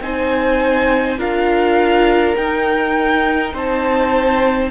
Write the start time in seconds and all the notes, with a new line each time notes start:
0.00 C4 D#4 C5 G#5
1.18 D4 F4 A#4 F5
2.36 D#4 G5
3.53 C4 C5 A5